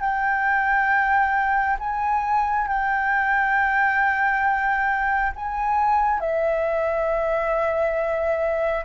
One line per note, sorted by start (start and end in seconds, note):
0.00 1.76 G5
1.79 2.67 G#5
2.67 5.32 G5
5.35 6.20 G#5
6.20 8.84 E5